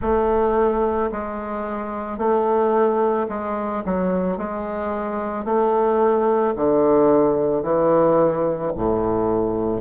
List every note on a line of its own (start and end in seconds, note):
0.01 1.11 A3
1.11 2.18 G#3
2.18 3.27 A3
3.28 3.83 G#3
3.85 4.37 F#3
4.37 5.44 G#3
5.44 6.54 A3
6.56 7.63 D3
7.63 8.72 E3
8.76 9.81 A2